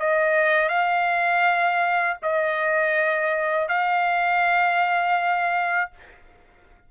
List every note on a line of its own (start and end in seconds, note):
0.00 0.69 D#5
0.69 2.18 F5
2.23 3.69 D#5
3.69 5.91 F5